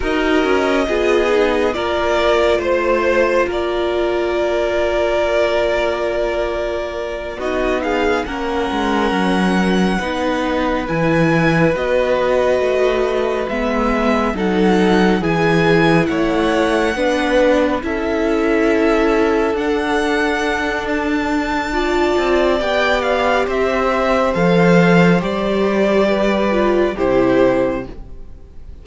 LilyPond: <<
  \new Staff \with { instrumentName = "violin" } { \time 4/4 \tempo 4 = 69 dis''2 d''4 c''4 | d''1~ | d''8 dis''8 f''8 fis''2~ fis''8~ | fis''8 gis''4 dis''2 e''8~ |
e''8 fis''4 gis''4 fis''4.~ | fis''8 e''2 fis''4. | a''2 g''8 f''8 e''4 | f''4 d''2 c''4 | }
  \new Staff \with { instrumentName = "violin" } { \time 4/4 ais'4 gis'4 ais'4 c''4 | ais'1~ | ais'8 fis'8 gis'8 ais'2 b'8~ | b'1~ |
b'8 a'4 gis'4 cis''4 b'8~ | b'8 a'2.~ a'8~ | a'4 d''2 c''4~ | c''2 b'4 g'4 | }
  \new Staff \with { instrumentName = "viola" } { \time 4/4 fis'4 f'8 dis'8 f'2~ | f'1~ | f'8 dis'4 cis'2 dis'8~ | dis'8 e'4 fis'2 b8~ |
b8 dis'4 e'2 d'8~ | d'8 e'2 d'4.~ | d'4 f'4 g'2 | a'4 g'4. f'8 e'4 | }
  \new Staff \with { instrumentName = "cello" } { \time 4/4 dis'8 cis'8 b4 ais4 a4 | ais1~ | ais8 b4 ais8 gis8 fis4 b8~ | b8 e4 b4 a4 gis8~ |
gis8 fis4 e4 a4 b8~ | b8 cis'2 d'4.~ | d'4. c'8 b4 c'4 | f4 g2 c4 | }
>>